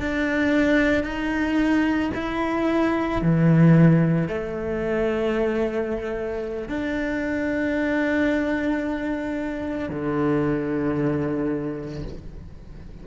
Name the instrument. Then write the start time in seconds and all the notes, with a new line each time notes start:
cello
0.00 D4
1.04 D#4
2.15 E4
3.22 E3
4.29 A3
6.69 D4
9.90 D3